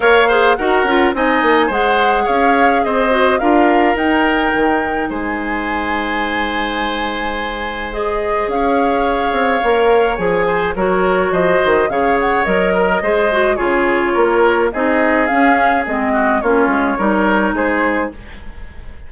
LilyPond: <<
  \new Staff \with { instrumentName = "flute" } { \time 4/4 \tempo 4 = 106 f''4 fis''4 gis''4 fis''4 | f''4 dis''4 f''4 g''4~ | g''4 gis''2.~ | gis''2 dis''4 f''4~ |
f''2 gis''4 cis''4 | dis''4 f''8 fis''8 dis''2 | cis''2 dis''4 f''4 | dis''4 cis''2 c''4 | }
  \new Staff \with { instrumentName = "oboe" } { \time 4/4 cis''8 c''8 ais'4 dis''4 c''4 | cis''4 c''4 ais'2~ | ais'4 c''2.~ | c''2. cis''4~ |
cis''2~ cis''8 c''8 ais'4 | c''4 cis''4. ais'8 c''4 | gis'4 ais'4 gis'2~ | gis'8 fis'8 f'4 ais'4 gis'4 | }
  \new Staff \with { instrumentName = "clarinet" } { \time 4/4 ais'8 gis'8 fis'8 f'8 dis'4 gis'4~ | gis'4. fis'8 f'4 dis'4~ | dis'1~ | dis'2 gis'2~ |
gis'4 ais'4 gis'4 fis'4~ | fis'4 gis'4 ais'4 gis'8 fis'8 | f'2 dis'4 cis'4 | c'4 cis'4 dis'2 | }
  \new Staff \with { instrumentName = "bassoon" } { \time 4/4 ais4 dis'8 cis'8 c'8 ais8 gis4 | cis'4 c'4 d'4 dis'4 | dis4 gis2.~ | gis2. cis'4~ |
cis'8 c'8 ais4 f4 fis4 | f8 dis8 cis4 fis4 gis4 | cis4 ais4 c'4 cis'4 | gis4 ais8 gis8 g4 gis4 | }
>>